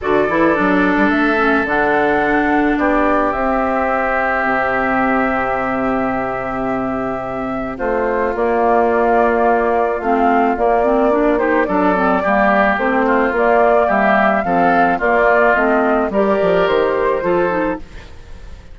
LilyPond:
<<
  \new Staff \with { instrumentName = "flute" } { \time 4/4 \tempo 4 = 108 d''2 e''4 fis''4~ | fis''4 d''4 e''2~ | e''1~ | e''2 c''4 d''4~ |
d''2 f''4 d''4~ | d''8 c''8 d''2 c''4 | d''4 e''4 f''4 d''4 | dis''4 d''4 c''2 | }
  \new Staff \with { instrumentName = "oboe" } { \time 4/4 a'1~ | a'4 g'2.~ | g'1~ | g'2 f'2~ |
f'1~ | f'8 g'8 a'4 g'4. f'8~ | f'4 g'4 a'4 f'4~ | f'4 ais'2 a'4 | }
  \new Staff \with { instrumentName = "clarinet" } { \time 4/4 fis'8 e'8 d'4. cis'8 d'4~ | d'2 c'2~ | c'1~ | c'2. ais4~ |
ais2 c'4 ais8 c'8 | d'8 dis'8 d'8 c'8 ais4 c'4 | ais2 c'4 ais4 | c'4 g'2 f'8 dis'8 | }
  \new Staff \with { instrumentName = "bassoon" } { \time 4/4 d8 e8 fis8. g16 a4 d4~ | d4 b4 c'2 | c1~ | c2 a4 ais4~ |
ais2 a4 ais4~ | ais4 fis4 g4 a4 | ais4 g4 f4 ais4 | a4 g8 f8 dis4 f4 | }
>>